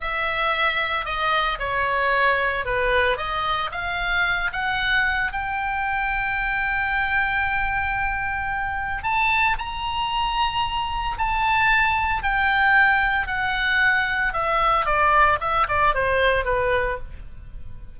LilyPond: \new Staff \with { instrumentName = "oboe" } { \time 4/4 \tempo 4 = 113 e''2 dis''4 cis''4~ | cis''4 b'4 dis''4 f''4~ | f''8 fis''4. g''2~ | g''1~ |
g''4 a''4 ais''2~ | ais''4 a''2 g''4~ | g''4 fis''2 e''4 | d''4 e''8 d''8 c''4 b'4 | }